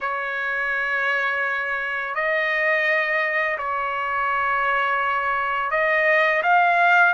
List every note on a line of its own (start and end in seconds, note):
0.00 2.14 C#5
2.14 3.57 D#5
3.57 5.70 C#5
5.70 6.42 D#5
6.42 7.14 F5